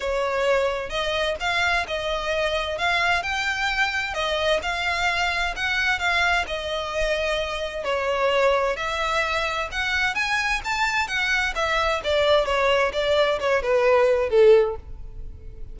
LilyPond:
\new Staff \with { instrumentName = "violin" } { \time 4/4 \tempo 4 = 130 cis''2 dis''4 f''4 | dis''2 f''4 g''4~ | g''4 dis''4 f''2 | fis''4 f''4 dis''2~ |
dis''4 cis''2 e''4~ | e''4 fis''4 gis''4 a''4 | fis''4 e''4 d''4 cis''4 | d''4 cis''8 b'4. a'4 | }